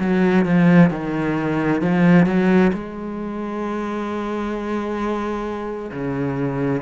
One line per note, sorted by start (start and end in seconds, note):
0.00 0.45 F#3
0.45 0.90 F3
0.90 1.81 D#3
1.82 2.26 F3
2.26 2.72 F#3
2.73 5.91 G#3
5.92 6.82 C#3